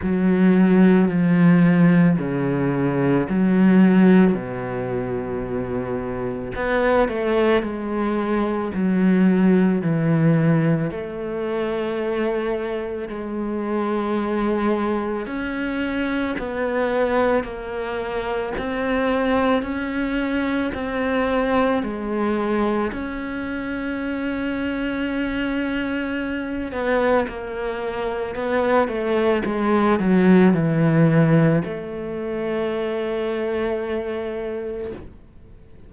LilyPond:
\new Staff \with { instrumentName = "cello" } { \time 4/4 \tempo 4 = 55 fis4 f4 cis4 fis4 | b,2 b8 a8 gis4 | fis4 e4 a2 | gis2 cis'4 b4 |
ais4 c'4 cis'4 c'4 | gis4 cis'2.~ | cis'8 b8 ais4 b8 a8 gis8 fis8 | e4 a2. | }